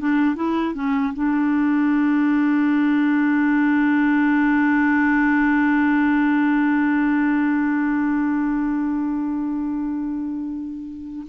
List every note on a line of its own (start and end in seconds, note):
0.00 0.36 D4
0.36 0.75 E4
0.75 1.14 C#4
1.14 11.27 D4